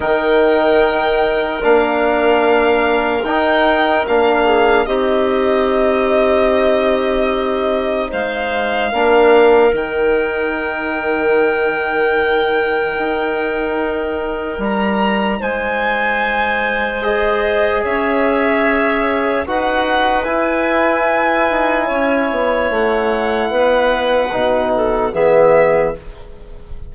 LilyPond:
<<
  \new Staff \with { instrumentName = "violin" } { \time 4/4 \tempo 4 = 74 g''2 f''2 | g''4 f''4 dis''2~ | dis''2 f''2 | g''1~ |
g''2 ais''4 gis''4~ | gis''4 dis''4 e''2 | fis''4 gis''2. | fis''2. e''4 | }
  \new Staff \with { instrumentName = "clarinet" } { \time 4/4 ais'1~ | ais'4. gis'8 g'2~ | g'2 c''4 ais'4~ | ais'1~ |
ais'2. c''4~ | c''2 cis''2 | b'2. cis''4~ | cis''4 b'4. a'8 gis'4 | }
  \new Staff \with { instrumentName = "trombone" } { \time 4/4 dis'2 d'2 | dis'4 d'4 dis'2~ | dis'2. d'4 | dis'1~ |
dis'1~ | dis'4 gis'2. | fis'4 e'2.~ | e'2 dis'4 b4 | }
  \new Staff \with { instrumentName = "bassoon" } { \time 4/4 dis2 ais2 | dis'4 ais4 c'2~ | c'2 gis4 ais4 | dis1 |
dis'2 g4 gis4~ | gis2 cis'2 | dis'4 e'4. dis'8 cis'8 b8 | a4 b4 b,4 e4 | }
>>